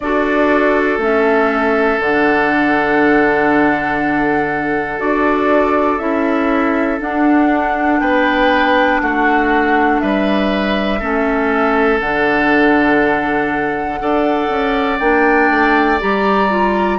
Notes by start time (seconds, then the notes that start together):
0.00 D4 F#4 A4 D5
0.97 A3 C#4 E5
1.99 D3 D4 F#5
4.98 D4 F#4 D5
5.99 C#4 E4 E5
6.98 D4 F#5
8.00 B3 B4 G5
9.00 A3 F#4 F#5
9.99 G3 B4 E5
10.99 A3 C#4 A4
12.00 D3 D4 F#5
13.99 D4 A4 D5
14.49 C#4
14.99 A#3 D4 G5
15.50 A3
15.99 G3 G4 A#5
16.49 F4